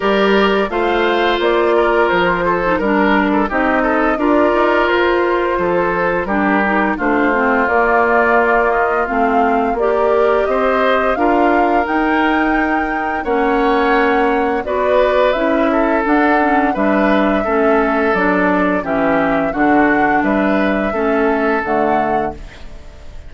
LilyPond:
<<
  \new Staff \with { instrumentName = "flute" } { \time 4/4 \tempo 4 = 86 d''4 f''4 d''4 c''4 | ais'4 dis''4 d''4 c''4~ | c''4 ais'4 c''4 d''4~ | d''8 dis''8 f''4 d''4 dis''4 |
f''4 g''2 fis''4~ | fis''4 d''4 e''4 fis''4 | e''2 d''4 e''4 | fis''4 e''2 fis''4 | }
  \new Staff \with { instrumentName = "oboe" } { \time 4/4 ais'4 c''4. ais'4 a'8 | ais'8. a'16 g'8 a'8 ais'2 | a'4 g'4 f'2~ | f'2~ f'16 ais'8. c''4 |
ais'2. cis''4~ | cis''4 b'4. a'4. | b'4 a'2 g'4 | fis'4 b'4 a'2 | }
  \new Staff \with { instrumentName = "clarinet" } { \time 4/4 g'4 f'2~ f'8. dis'16 | d'4 dis'4 f'2~ | f'4 d'8 dis'8 d'8 c'8 ais4~ | ais4 c'4 g'2 |
f'4 dis'2 cis'4~ | cis'4 fis'4 e'4 d'8 cis'8 | d'4 cis'4 d'4 cis'4 | d'2 cis'4 a4 | }
  \new Staff \with { instrumentName = "bassoon" } { \time 4/4 g4 a4 ais4 f4 | g4 c'4 d'8 dis'8 f'4 | f4 g4 a4 ais4~ | ais4 a4 ais4 c'4 |
d'4 dis'2 ais4~ | ais4 b4 cis'4 d'4 | g4 a4 fis4 e4 | d4 g4 a4 d4 | }
>>